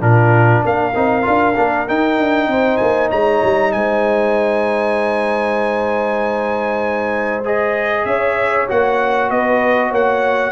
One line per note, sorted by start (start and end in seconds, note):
0.00 0.63 A#2
0.00 0.93 D4
0.00 0.62 F4
0.00 0.63 A#4
0.64 0.95 A#3
0.64 2.48 A#4
0.64 1.88 F5
0.95 1.26 C4
0.95 1.22 D#4
1.22 1.58 D4
1.22 1.53 F4
1.56 1.89 A#3
1.56 1.87 D4
1.87 7.44 D#4
1.87 2.17 D#4
1.87 2.77 G5
2.17 2.47 D4
2.47 2.78 C4
2.47 3.09 C5
2.77 3.11 A#3
2.77 3.08 G#5
3.09 3.42 G#3
3.09 3.71 C#5
3.09 3.72 A#5
3.44 3.74 G3
3.72 8.05 G#3
3.72 8.07 C5
3.72 7.43 G#5
7.45 8.68 G#4
7.45 8.05 D#5
8.05 8.67 C#4
8.05 9.31 C#5
8.05 8.67 E5
8.68 9.30 A#3
8.68 10.51 F#4
8.68 9.30 F#5
9.30 9.91 B3
9.30 9.89 B4
9.30 9.92 D#5
9.89 10.51 A#3
9.89 10.51 C#5
9.89 10.51 F#5